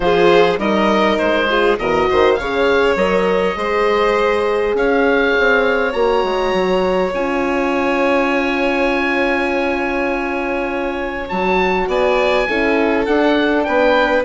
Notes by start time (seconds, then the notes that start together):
0.00 F3 F4 G#4 C5
0.58 G3 D#4 A#4 D#5
1.18 G#3 C5
1.48 F4 G#4
1.77 E2 F#4 A#4 D#5
2.09 D#3 C5
2.34 C#3 G#4 C#5 F5
2.95 F#3 A#4 D#5
3.55 G#3 G#4 C5
4.74 C#4 C#5 F5
5.39 C4
5.92 A#3 F#4 A#5
6.23 G#3
6.53 F#3
7.13 C#4 F4 G#5
11.28 F#3 F#4 A5
11.87 B3 D5 G#5
12.47 C#4 E4 A4
13.06 D4 F#5
13.63 B3 B4 G5